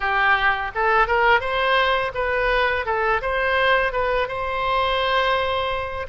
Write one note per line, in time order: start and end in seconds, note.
0.00 0.71 G4
0.74 1.07 A4
1.07 1.40 A#4
1.40 2.12 C5
2.14 2.85 B4
2.85 3.21 A4
3.21 3.92 C5
3.92 4.28 B4
4.28 6.06 C5